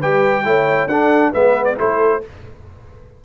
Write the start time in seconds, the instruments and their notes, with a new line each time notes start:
0.00 tuba G3, trombone G4, horn B4, trumpet G5
0.44 tuba A3, trombone E4, horn C#5
0.87 tuba D4, trombone D4, horn A4, trumpet F#5
1.32 tuba G#3, trombone B3, horn B4, trumpet E5
1.64 trumpet D5
1.76 tuba A3, trombone E4, horn A4, trumpet C5